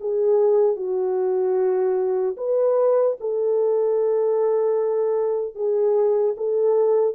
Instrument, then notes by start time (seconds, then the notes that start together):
horn
0.00 G#4
0.76 F#4
2.37 B4
3.20 A4
5.55 G#4
6.37 A4